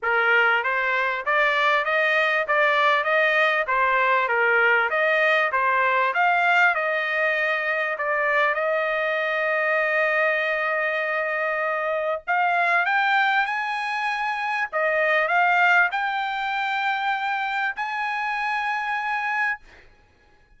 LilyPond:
\new Staff \with { instrumentName = "trumpet" } { \time 4/4 \tempo 4 = 98 ais'4 c''4 d''4 dis''4 | d''4 dis''4 c''4 ais'4 | dis''4 c''4 f''4 dis''4~ | dis''4 d''4 dis''2~ |
dis''1 | f''4 g''4 gis''2 | dis''4 f''4 g''2~ | g''4 gis''2. | }